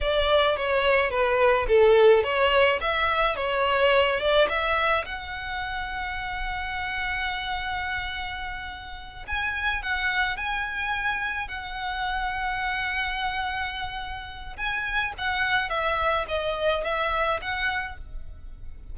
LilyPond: \new Staff \with { instrumentName = "violin" } { \time 4/4 \tempo 4 = 107 d''4 cis''4 b'4 a'4 | cis''4 e''4 cis''4. d''8 | e''4 fis''2.~ | fis''1~ |
fis''8 gis''4 fis''4 gis''4.~ | gis''8 fis''2.~ fis''8~ | fis''2 gis''4 fis''4 | e''4 dis''4 e''4 fis''4 | }